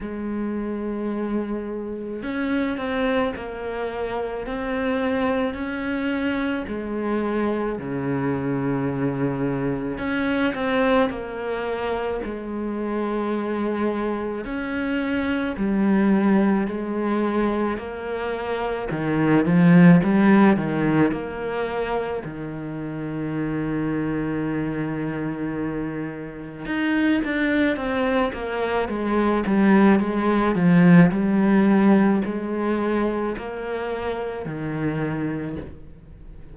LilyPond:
\new Staff \with { instrumentName = "cello" } { \time 4/4 \tempo 4 = 54 gis2 cis'8 c'8 ais4 | c'4 cis'4 gis4 cis4~ | cis4 cis'8 c'8 ais4 gis4~ | gis4 cis'4 g4 gis4 |
ais4 dis8 f8 g8 dis8 ais4 | dis1 | dis'8 d'8 c'8 ais8 gis8 g8 gis8 f8 | g4 gis4 ais4 dis4 | }